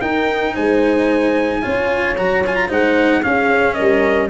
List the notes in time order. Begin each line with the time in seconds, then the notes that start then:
0.00 D#4 A#4 G5
0.54 G#3 C5 G#5
1.61 C#4 F4 C#5
2.17 F#3 F#4 A#5
2.46 F4 G#5
2.55 A#5
2.68 G#3 D#4 C5 F#5
3.22 C#4 G#4 F5
3.73 A#4 D#5
3.80 G3